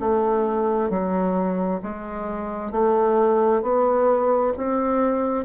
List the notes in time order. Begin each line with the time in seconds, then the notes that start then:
0.00 A3
0.90 F#3
1.82 G#3
2.71 A3
3.62 B3
4.57 C4